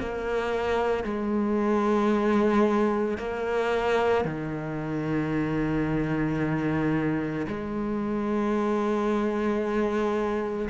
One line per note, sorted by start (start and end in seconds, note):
0.00 1.04 A#3
1.04 3.19 G#3
3.19 4.25 A#3
4.25 7.47 D#3
7.48 10.69 G#3